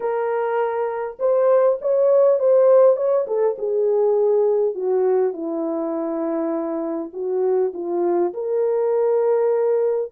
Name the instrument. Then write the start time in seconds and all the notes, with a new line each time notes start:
horn
0.00 A#4
1.19 C5
1.81 C#5
2.39 C5
2.96 C#5
3.27 A4
3.58 G#4
4.74 F#4
5.33 E4
7.13 F#4
7.73 F4
8.33 A#4